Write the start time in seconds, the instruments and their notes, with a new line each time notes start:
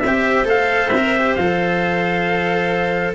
0.00 tuba C4, clarinet C5, trumpet E5
0.07 cello G4
0.44 tuba A3, cello A4, trumpet F5
0.89 tuba C4, trumpet E5
0.97 cello A#4
1.16 cello G4
1.35 tuba F3, cello A4, trumpet F5